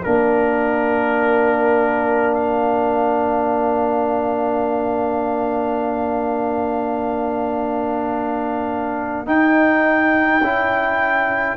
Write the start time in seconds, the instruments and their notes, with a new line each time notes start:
0.00 tuba A#3, trombone D4, horn A#4, trumpet A#4
2.34 trumpet F5
9.26 trombone D#4, tuba D#4, trumpet G5
10.40 tuba C#4, trombone E4